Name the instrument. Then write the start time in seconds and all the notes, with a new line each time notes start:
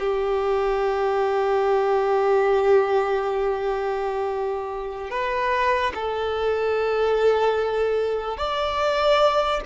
violin
0.00 G4
5.11 B4
5.95 A4
8.38 D5